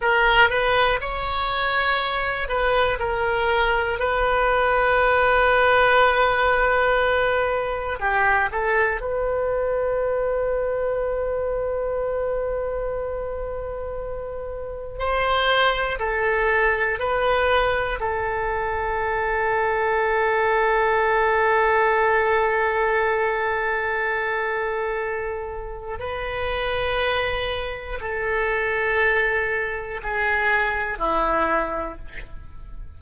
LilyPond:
\new Staff \with { instrumentName = "oboe" } { \time 4/4 \tempo 4 = 60 ais'8 b'8 cis''4. b'8 ais'4 | b'1 | g'8 a'8 b'2.~ | b'2. c''4 |
a'4 b'4 a'2~ | a'1~ | a'2 b'2 | a'2 gis'4 e'4 | }